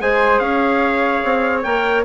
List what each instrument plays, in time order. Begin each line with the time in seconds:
0.00 bassoon G#3, clarinet G#4, flute C5, trumpet G#5
0.39 bassoon C#4, flute C#5, trumpet F5
1.24 bassoon C4
1.63 bassoon A#3, clarinet A#4, trumpet G5